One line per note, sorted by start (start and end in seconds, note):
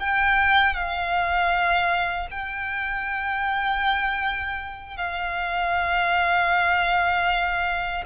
0.00 0.74 G5
0.74 2.28 F5
2.31 4.97 G5
4.97 8.05 F5